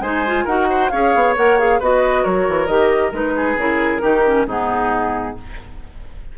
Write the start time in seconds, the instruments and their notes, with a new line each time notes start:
0.00 bassoon G#3, clarinet D#4, oboe C5, flute G#5
0.26 clarinet F4
0.44 bassoon D#4, clarinet F#4, oboe A#4, flute F#5
0.70 oboe C5
0.89 bassoon C#4, clarinet G#4, oboe C#5, flute F5
1.14 bassoon B3
1.36 bassoon A#3, clarinet A#4, flute F#5
1.59 clarinet G#4, flute F5
1.79 bassoon B3, clarinet F#4, oboe B4, flute D#5
2.22 bassoon F#3, oboe A#4, flute C#5
2.48 bassoon E3
2.66 bassoon D#3, clarinet G4, flute D#5
3.12 bassoon G#3, clarinet D#4, flute B4
3.36 oboe G#4
3.56 bassoon C#3, clarinet E4, flute A#4
4.01 bassoon D#3, clarinet D#4, oboe G4
4.25 clarinet C#4
4.46 bassoon G#2, clarinet B3, oboe D#4, flute G#4